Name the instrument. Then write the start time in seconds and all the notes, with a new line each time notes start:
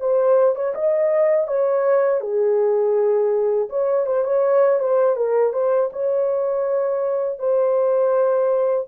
horn
0.00 C5
0.56 C#5
0.75 D#5
1.47 C#5
2.21 G#4
3.69 C#5
4.06 C5
4.24 C#5
4.80 C5
5.16 A#4
5.53 C5
5.93 C#5
7.39 C5